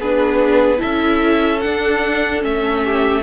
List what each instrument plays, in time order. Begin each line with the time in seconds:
0.00 cello B3, viola D4, violin G#4 B4
0.77 viola E4, violin A4 E5
0.84 cello C#4
1.61 viola D4, cello D4, violin F#5
2.42 cello A3, viola C#4, violin E5
2.85 violin G4